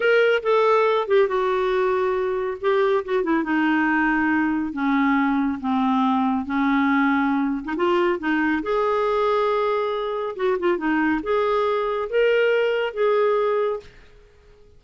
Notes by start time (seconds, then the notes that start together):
0.00 A#4
0.42 A4
1.07 G4
1.28 F#4
2.60 G4
3.04 F#4
3.23 E4
3.43 D#4
4.72 C#4
5.60 C4
6.45 C#4
7.64 D#4
7.76 F4
8.19 D#4
8.62 G#4
10.36 F#4
10.59 F4
10.77 D#4
11.22 G#4
12.09 A#4
12.93 G#4